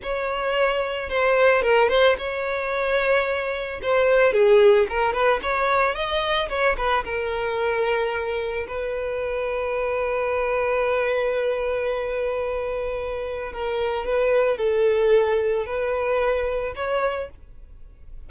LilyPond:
\new Staff \with { instrumentName = "violin" } { \time 4/4 \tempo 4 = 111 cis''2 c''4 ais'8 c''8 | cis''2. c''4 | gis'4 ais'8 b'8 cis''4 dis''4 | cis''8 b'8 ais'2. |
b'1~ | b'1~ | b'4 ais'4 b'4 a'4~ | a'4 b'2 cis''4 | }